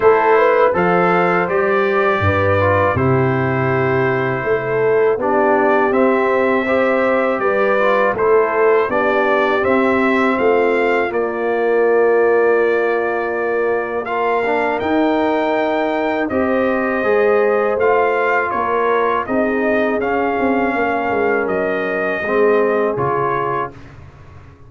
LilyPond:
<<
  \new Staff \with { instrumentName = "trumpet" } { \time 4/4 \tempo 4 = 81 c''4 f''4 d''2 | c''2. d''4 | e''2 d''4 c''4 | d''4 e''4 f''4 d''4~ |
d''2. f''4 | g''2 dis''2 | f''4 cis''4 dis''4 f''4~ | f''4 dis''2 cis''4 | }
  \new Staff \with { instrumentName = "horn" } { \time 4/4 a'8 b'8 c''2 b'4 | g'2 a'4 g'4~ | g'4 c''4 b'4 a'4 | g'2 f'2~ |
f'2. ais'4~ | ais'2 c''2~ | c''4 ais'4 gis'2 | ais'2 gis'2 | }
  \new Staff \with { instrumentName = "trombone" } { \time 4/4 e'4 a'4 g'4. f'8 | e'2. d'4 | c'4 g'4. f'8 e'4 | d'4 c'2 ais4~ |
ais2. f'8 d'8 | dis'2 g'4 gis'4 | f'2 dis'4 cis'4~ | cis'2 c'4 f'4 | }
  \new Staff \with { instrumentName = "tuba" } { \time 4/4 a4 f4 g4 g,4 | c2 a4 b4 | c'2 g4 a4 | b4 c'4 a4 ais4~ |
ais1 | dis'2 c'4 gis4 | a4 ais4 c'4 cis'8 c'8 | ais8 gis8 fis4 gis4 cis4 | }
>>